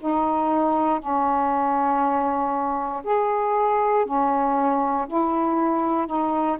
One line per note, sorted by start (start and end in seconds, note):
0.00 0.99 D#4
0.99 3.02 C#4
3.04 4.05 G#4
4.05 5.07 C#4
5.07 6.06 E4
6.06 6.57 D#4